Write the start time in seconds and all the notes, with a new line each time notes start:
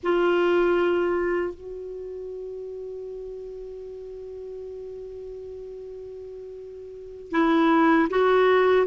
0.03 F4
1.54 F#4
7.31 E4
8.09 F#4